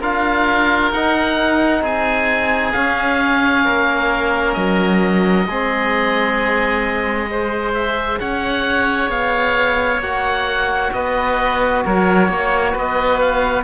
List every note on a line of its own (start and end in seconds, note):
0.00 0.91 D4
0.00 0.92 F4
0.00 1.81 A#4
0.00 0.92 F5
0.91 1.81 D#4
0.91 2.74 D#4
0.91 1.83 F#5
1.81 2.72 C4
1.81 3.63 G#4
1.81 2.73 G#5
2.73 5.47 C#4
2.73 3.67 C#4
2.73 4.54 F5
3.64 4.56 A#3
3.64 5.46 A#4
4.54 5.46 F#3
4.54 7.72 D#5
5.46 8.19 G#3
5.46 7.29 C4
5.46 7.30 G#4
7.29 10.02 G#4
7.29 8.20 C5
7.74 8.19 E5
8.19 9.09 C#4
8.19 10.92 C#5
8.19 9.10 F#5
9.09 9.99 B3
9.09 10.01 F5
9.99 10.90 A#3
9.99 13.63 F#4
9.99 10.93 F#5
10.93 11.84 B3
10.93 11.85 B4
10.93 11.84 D#5
11.85 12.28 F#3
11.85 12.30 A#4
11.85 12.77 C#5
12.28 12.74 A#3
12.28 12.72 C#5
12.72 13.63 B3
12.72 13.63 B4
12.72 13.19 D#5
13.19 13.63 F5